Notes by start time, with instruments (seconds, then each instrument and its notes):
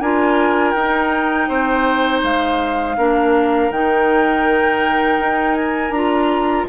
0.00 bassoon D4, clarinet F4, oboe A#4, flute G#5
0.71 bassoon D#4, clarinet D#4, flute G5
1.48 bassoon C4, oboe C5
2.23 bassoon G#3, flute F5
2.97 bassoon A#3, clarinet D4, oboe A#4
3.70 bassoon D#3, clarinet D#4, flute G5
5.19 bassoon D#4
5.54 flute G#5
5.90 bassoon D4, clarinet F4, flute A#5